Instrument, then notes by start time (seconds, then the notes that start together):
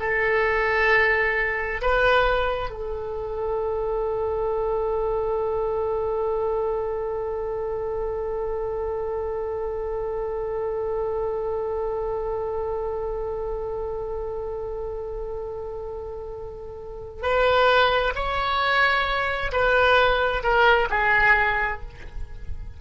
oboe
0.00 A4
1.82 B4
2.70 A4
17.23 B4
18.15 C#5
19.52 B4
20.43 A#4
20.90 G#4